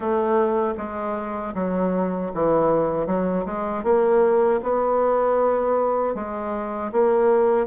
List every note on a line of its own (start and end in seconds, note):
0.00 0.74 A3
0.77 1.54 G#3
1.54 2.31 F#3
2.34 3.06 E3
3.06 3.44 F#3
3.45 3.83 G#3
3.83 4.60 A#3
4.63 6.14 B3
6.14 6.91 G#3
6.92 7.66 A#3